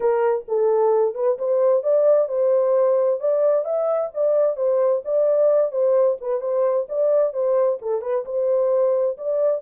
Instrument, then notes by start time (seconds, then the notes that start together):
horn
0.00 A#4
0.47 A4
1.14 B4
1.38 C5
1.83 D5
2.28 C5
3.20 D5
3.64 E5
4.13 D5
4.56 C5
5.05 D5
5.71 C5
6.20 B4
6.40 C5
6.88 D5
7.33 C5
7.81 A4
8.01 B4
8.25 C5
9.17 D5